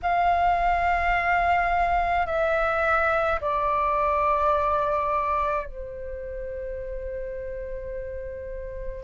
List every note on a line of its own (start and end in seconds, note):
0.02 2.26 F5
2.26 3.40 E5
3.41 5.66 D5
5.66 9.04 C5